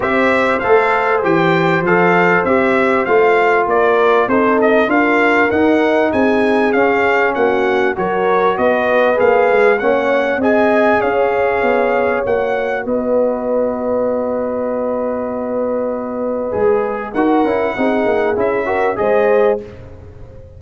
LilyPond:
<<
  \new Staff \with { instrumentName = "trumpet" } { \time 4/4 \tempo 4 = 98 e''4 f''4 g''4 f''4 | e''4 f''4 d''4 c''8 dis''8 | f''4 fis''4 gis''4 f''4 | fis''4 cis''4 dis''4 f''4 |
fis''4 gis''4 f''2 | fis''4 dis''2.~ | dis''1 | fis''2 e''4 dis''4 | }
  \new Staff \with { instrumentName = "horn" } { \time 4/4 c''1~ | c''2 ais'4 a'4 | ais'2 gis'2 | fis'4 ais'4 b'2 |
cis''4 dis''4 cis''2~ | cis''4 b'2.~ | b'1 | ais'4 gis'4. ais'8 c''4 | }
  \new Staff \with { instrumentName = "trombone" } { \time 4/4 g'4 a'4 g'4 a'4 | g'4 f'2 dis'4 | f'4 dis'2 cis'4~ | cis'4 fis'2 gis'4 |
cis'4 gis'2. | fis'1~ | fis'2. gis'4 | fis'8 e'8 dis'4 e'8 fis'8 gis'4 | }
  \new Staff \with { instrumentName = "tuba" } { \time 4/4 c'4 a4 e4 f4 | c'4 a4 ais4 c'4 | d'4 dis'4 c'4 cis'4 | ais4 fis4 b4 ais8 gis8 |
ais4 c'4 cis'4 b4 | ais4 b2.~ | b2. gis4 | dis'8 cis'8 c'8 ais8 cis'4 gis4 | }
>>